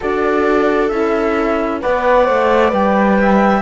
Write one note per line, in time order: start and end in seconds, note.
0.00 0.91 D4
0.00 0.91 F#4
0.00 1.81 A4
0.00 0.88 D5
0.88 1.82 C#4
0.88 1.81 E4
0.88 1.79 E5
1.81 2.28 B3
1.81 2.25 B4
1.81 3.18 D5
1.81 2.72 F#5
2.25 2.72 A3
2.25 2.69 C5
2.69 3.62 G3
2.69 3.60 B4
2.69 3.62 G5
3.21 3.62 E5